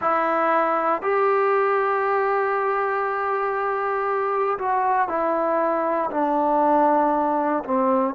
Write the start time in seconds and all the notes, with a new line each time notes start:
0.01 E4
1.02 G4
4.58 F#4
5.08 E4
6.11 D4
7.64 C4